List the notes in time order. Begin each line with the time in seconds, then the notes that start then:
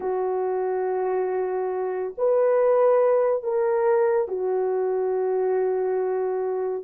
0.00 F#4
2.17 B4
3.43 A#4
4.28 F#4